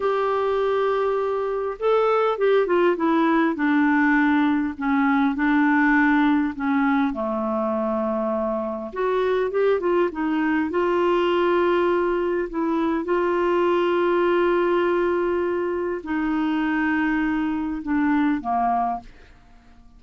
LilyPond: \new Staff \with { instrumentName = "clarinet" } { \time 4/4 \tempo 4 = 101 g'2. a'4 | g'8 f'8 e'4 d'2 | cis'4 d'2 cis'4 | a2. fis'4 |
g'8 f'8 dis'4 f'2~ | f'4 e'4 f'2~ | f'2. dis'4~ | dis'2 d'4 ais4 | }